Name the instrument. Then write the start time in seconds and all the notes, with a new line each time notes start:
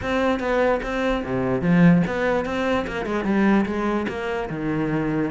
cello
0.02 C4
0.39 B3
0.82 C4
1.24 C3
1.61 F3
2.06 B3
2.45 C4
2.87 A#3
3.05 G#3
3.24 G3
3.65 G#3
4.08 A#3
4.49 D#3